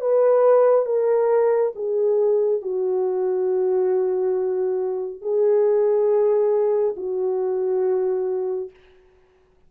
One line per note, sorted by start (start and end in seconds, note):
0.00 0.85 B4
0.85 1.72 A#4
1.75 2.61 G#4
2.61 5.21 F#4
5.21 6.95 G#4
6.96 8.70 F#4